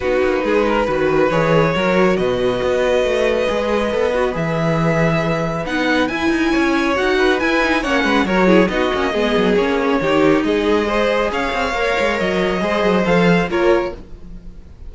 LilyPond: <<
  \new Staff \with { instrumentName = "violin" } { \time 4/4 \tempo 4 = 138 b'2. cis''4~ | cis''4 dis''2.~ | dis''2 e''2~ | e''4 fis''4 gis''2 |
fis''4 gis''4 fis''4 cis''4 | dis''2 cis''2 | dis''2 f''2 | dis''2 f''4 cis''4 | }
  \new Staff \with { instrumentName = "violin" } { \time 4/4 fis'4 gis'8 ais'8 b'2 | ais'4 b'2.~ | b'1~ | b'2. cis''4~ |
cis''8 b'4. cis''8 b'8 ais'8 gis'8 | fis'4 gis'2 g'4 | gis'4 c''4 cis''2~ | cis''4 c''2 ais'4 | }
  \new Staff \with { instrumentName = "viola" } { \time 4/4 dis'2 fis'4 gis'4 | fis'1 | gis'4 a'8 fis'8 gis'2~ | gis'4 dis'4 e'2 |
fis'4 e'8 dis'8 cis'4 fis'8 e'8 | dis'8 cis'8 b4 cis'4 dis'4~ | dis'4 gis'2 ais'4~ | ais'4 gis'4 a'4 f'4 | }
  \new Staff \with { instrumentName = "cello" } { \time 4/4 b8 ais8 gis4 dis4 e4 | fis4 b,4 b4 a4 | gis4 b4 e2~ | e4 b4 e'8 dis'8 cis'4 |
dis'4 e'4 ais8 gis8 fis4 | b8 ais8 gis8 fis8 ais4 dis4 | gis2 cis'8 c'8 ais8 gis8 | fis4 gis8 fis8 f4 ais4 | }
>>